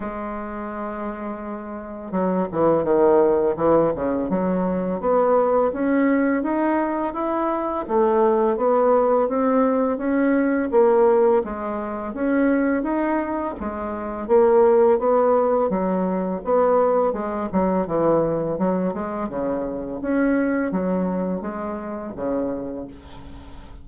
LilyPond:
\new Staff \with { instrumentName = "bassoon" } { \time 4/4 \tempo 4 = 84 gis2. fis8 e8 | dis4 e8 cis8 fis4 b4 | cis'4 dis'4 e'4 a4 | b4 c'4 cis'4 ais4 |
gis4 cis'4 dis'4 gis4 | ais4 b4 fis4 b4 | gis8 fis8 e4 fis8 gis8 cis4 | cis'4 fis4 gis4 cis4 | }